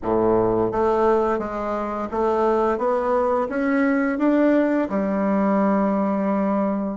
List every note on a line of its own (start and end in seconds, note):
0.02 0.71 A2
0.71 1.38 A3
1.38 2.08 G#3
2.11 2.77 A3
2.77 3.47 B3
3.49 4.18 C#4
4.18 4.88 D4
4.89 6.96 G3